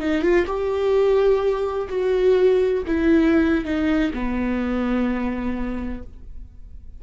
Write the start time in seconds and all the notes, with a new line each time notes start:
0.00 D#4
0.22 F4
0.46 G4
1.89 F#4
2.87 E4
3.65 D#4
4.14 B3